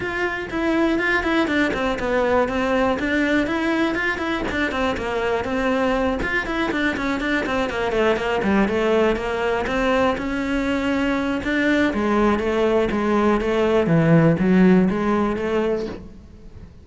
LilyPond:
\new Staff \with { instrumentName = "cello" } { \time 4/4 \tempo 4 = 121 f'4 e'4 f'8 e'8 d'8 c'8 | b4 c'4 d'4 e'4 | f'8 e'8 d'8 c'8 ais4 c'4~ | c'8 f'8 e'8 d'8 cis'8 d'8 c'8 ais8 |
a8 ais8 g8 a4 ais4 c'8~ | c'8 cis'2~ cis'8 d'4 | gis4 a4 gis4 a4 | e4 fis4 gis4 a4 | }